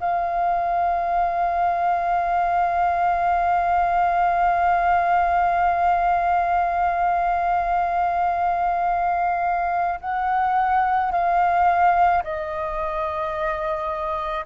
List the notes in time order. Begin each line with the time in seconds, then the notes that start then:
0.00 F5
10.00 F#5
11.11 F5
12.23 D#5